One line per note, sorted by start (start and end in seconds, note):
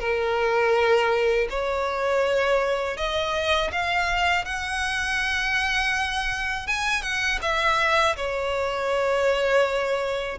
0.00 1.48 A#4
1.50 2.97 C#5
2.97 3.71 D#5
3.72 4.45 F5
4.45 6.67 F#5
6.67 7.02 G#5
7.02 7.39 F#5
7.42 8.16 E5
8.16 10.39 C#5